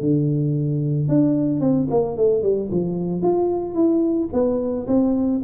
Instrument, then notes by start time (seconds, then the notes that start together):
tuba
0.00 D3
1.08 D4
1.60 C4
1.90 A#3
2.17 A3
2.42 G3
2.71 F3
3.22 F4
3.74 E4
4.32 B3
4.87 C4